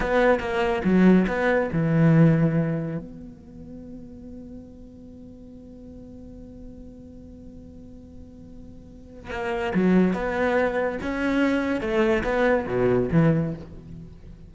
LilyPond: \new Staff \with { instrumentName = "cello" } { \time 4/4 \tempo 4 = 142 b4 ais4 fis4 b4 | e2. b4~ | b1~ | b1~ |
b1~ | b2 ais4 fis4 | b2 cis'2 | a4 b4 b,4 e4 | }